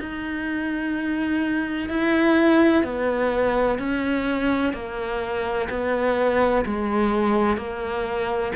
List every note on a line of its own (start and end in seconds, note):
0.00 1.90 D#4
1.90 2.84 E4
2.84 3.79 B3
3.79 4.74 C#4
4.74 5.69 A#3
5.70 6.65 B3
6.66 7.58 G#3
7.58 8.53 A#3